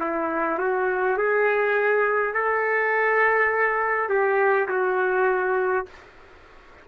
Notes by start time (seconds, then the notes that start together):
0.00 E4
0.59 F#4
1.18 G#4
2.34 A4
4.09 G4
4.68 F#4